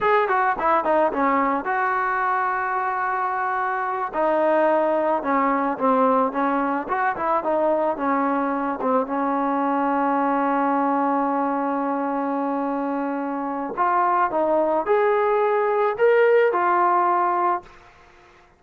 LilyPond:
\new Staff \with { instrumentName = "trombone" } { \time 4/4 \tempo 4 = 109 gis'8 fis'8 e'8 dis'8 cis'4 fis'4~ | fis'2.~ fis'8 dis'8~ | dis'4. cis'4 c'4 cis'8~ | cis'8 fis'8 e'8 dis'4 cis'4. |
c'8 cis'2.~ cis'8~ | cis'1~ | cis'4 f'4 dis'4 gis'4~ | gis'4 ais'4 f'2 | }